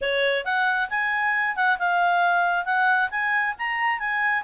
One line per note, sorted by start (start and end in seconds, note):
0.01 0.44 C#5
0.44 0.89 F#5
0.89 1.56 G#5
1.56 1.78 F#5
1.79 2.65 F5
2.65 3.09 F#5
3.10 3.55 G#5
3.58 3.99 A#5
3.99 4.43 G#5